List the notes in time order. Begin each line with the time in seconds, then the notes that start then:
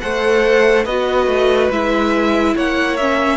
0.00 A3 A4 C5 F#5
0.85 B3 F#4 B4 D#5
1.27 A3
1.71 G#3 E4 E5
2.55 A#3 C#5 F#5
2.97 C#4 E5